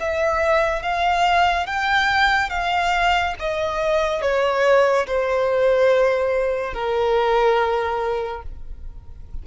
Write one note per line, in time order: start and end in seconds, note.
0.00 0.83 E5
0.83 1.66 F5
1.66 2.50 G5
2.50 3.34 F5
3.40 4.22 D#5
4.22 5.06 C#5
5.07 6.73 C5
6.73 8.42 A#4